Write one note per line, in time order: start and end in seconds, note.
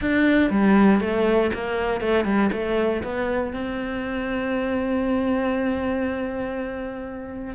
0.01 0.50 D4
0.50 1.00 G3
1.00 1.50 A3
1.54 2.00 A#3
2.00 2.24 A3
2.24 2.50 G3
2.52 3.03 A3
3.03 3.53 B3
3.53 7.54 C4